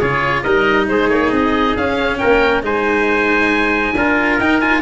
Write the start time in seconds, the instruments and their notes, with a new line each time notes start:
0.00 tuba C#3, cello F4, trumpet G#4, oboe C#5
0.42 tuba G3, cello D#4, trumpet A#4, oboe D#5
0.88 tuba G#3, trumpet G#4, oboe C5
1.09 tuba A#3, oboe C#5
1.32 tuba C4, oboe D#5
1.76 tuba C#4, cello C#4, oboe F5
2.18 tuba A#3, trumpet A#4, oboe G5
2.62 tuba G#3, cello D#4, trumpet C5, oboe G#5
3.95 tuba D4, cello F4, trumpet A#4
4.39 tuba D#4, cello D#4, oboe G5
4.60 cello F4, oboe G#5